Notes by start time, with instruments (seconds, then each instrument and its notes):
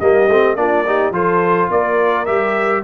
0.00 tuba G3, trombone A#3, horn G4, trumpet D#5
0.28 tuba A3, trombone C4
0.56 tuba A#3, trombone D4, horn F4, trumpet D5
0.86 trombone D#4, horn G4
1.11 tuba F3, trombone F4, horn A4, trumpet C5
1.70 tuba A#3, horn A#4, trumpet D5
2.26 tuba G3, trombone G4, trumpet E5